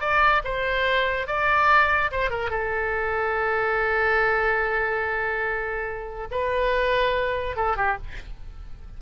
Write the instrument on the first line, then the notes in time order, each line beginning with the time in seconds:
oboe
0.00 D5
0.44 C5
1.27 D5
2.11 C5
2.30 A#4
2.50 A4
6.31 B4
7.56 A4
7.76 G4